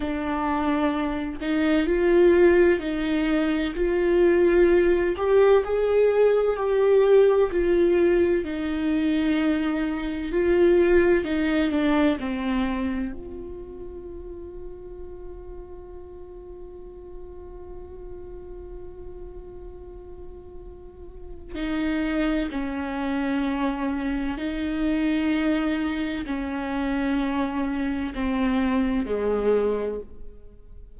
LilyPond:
\new Staff \with { instrumentName = "viola" } { \time 4/4 \tempo 4 = 64 d'4. dis'8 f'4 dis'4 | f'4. g'8 gis'4 g'4 | f'4 dis'2 f'4 | dis'8 d'8 c'4 f'2~ |
f'1~ | f'2. dis'4 | cis'2 dis'2 | cis'2 c'4 gis4 | }